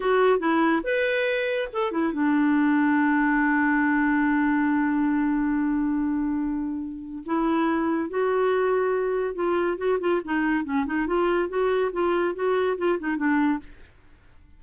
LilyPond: \new Staff \with { instrumentName = "clarinet" } { \time 4/4 \tempo 4 = 141 fis'4 e'4 b'2 | a'8 e'8 d'2.~ | d'1~ | d'1~ |
d'4 e'2 fis'4~ | fis'2 f'4 fis'8 f'8 | dis'4 cis'8 dis'8 f'4 fis'4 | f'4 fis'4 f'8 dis'8 d'4 | }